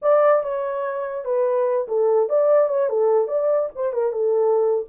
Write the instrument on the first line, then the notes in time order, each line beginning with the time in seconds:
horn
0.02 D5
0.43 C#5
1.25 B4
1.87 A4
2.29 D5
2.68 C#5
2.89 A4
3.27 D5
3.75 C5
3.92 A#4
4.12 A4